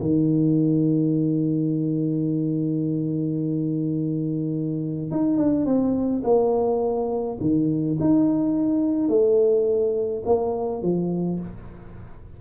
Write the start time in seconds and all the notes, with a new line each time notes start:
0.00 D#3
5.11 D#4
5.37 D4
5.65 C4
6.24 A#3
7.40 D#3
8.00 D#4
9.09 A3
10.25 A#3
10.82 F3